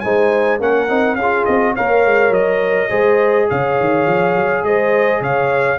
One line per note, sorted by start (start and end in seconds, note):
0.00 0.60 G#3
0.00 0.60 D#4
0.00 0.60 C5
0.00 0.58 G#5
0.60 0.89 A#3
0.60 0.88 C#4
0.60 1.17 A#4
0.60 1.15 F#5
0.88 1.15 C4
0.88 1.17 D#4
1.15 1.44 C#4
1.15 1.74 G#4
1.15 1.44 F5
1.22 1.77 F4
1.45 1.76 C4
1.45 1.74 D#5
1.74 2.05 A#3
1.74 2.89 A#4
1.74 2.89 C#5
1.74 2.33 F5
2.05 2.30 G#3
2.30 2.88 F#3
2.30 3.48 D#5
2.89 3.49 G#3
2.89 5.78 G#4
2.89 3.47 C5
3.49 3.80 C#3
3.49 4.65 C#5
3.49 4.64 F5
3.80 4.06 D#3
4.06 4.35 F3
4.35 4.63 F#3
4.63 5.20 G#3
4.63 5.21 C5
4.63 5.22 D#5
5.21 5.78 C#3
5.21 5.78 C#5
5.21 5.79 F5